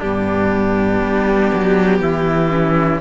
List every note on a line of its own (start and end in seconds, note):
0.00 1.02 G2
0.00 2.50 B3
0.00 2.00 D4
0.00 3.01 G4
1.02 1.52 G3
1.54 2.01 F#3
2.01 3.01 E3
2.01 3.01 E4
2.50 3.00 C#4